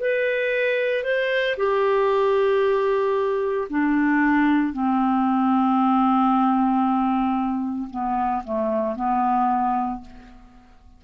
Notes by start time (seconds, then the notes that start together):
0.00 B4
1.03 C5
1.57 G4
3.69 D4
4.72 C4
7.90 B3
8.44 A3
8.95 B3